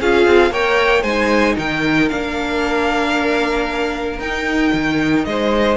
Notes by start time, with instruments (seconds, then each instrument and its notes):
0.00 cello C#4, viola F4, violin G#4 F5
0.26 cello C4
0.50 cello A#3, viola A#4, violin C#5 G5
1.02 cello G#3, viola D#4, violin C5 G#5
1.56 cello D#3, violin A#4 G5
2.09 cello A#3, viola D4, violin F5
4.19 cello D#4, viola D#4, violin G5
4.73 cello D#3
5.25 cello G#3, violin C5 D#5